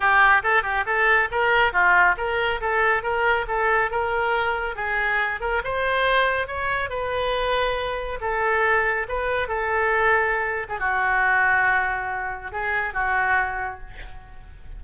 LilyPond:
\new Staff \with { instrumentName = "oboe" } { \time 4/4 \tempo 4 = 139 g'4 a'8 g'8 a'4 ais'4 | f'4 ais'4 a'4 ais'4 | a'4 ais'2 gis'4~ | gis'8 ais'8 c''2 cis''4 |
b'2. a'4~ | a'4 b'4 a'2~ | a'8. gis'16 fis'2.~ | fis'4 gis'4 fis'2 | }